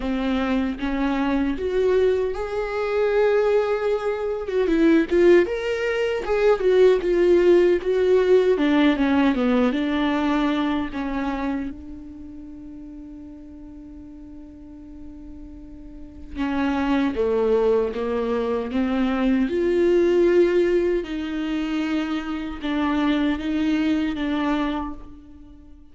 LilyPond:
\new Staff \with { instrumentName = "viola" } { \time 4/4 \tempo 4 = 77 c'4 cis'4 fis'4 gis'4~ | gis'4.~ gis'16 fis'16 e'8 f'8 ais'4 | gis'8 fis'8 f'4 fis'4 d'8 cis'8 | b8 d'4. cis'4 d'4~ |
d'1~ | d'4 cis'4 a4 ais4 | c'4 f'2 dis'4~ | dis'4 d'4 dis'4 d'4 | }